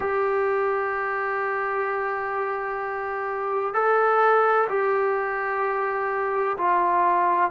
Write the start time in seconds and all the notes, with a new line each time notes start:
0.00 G4
3.73 A4
4.69 G4
6.57 F4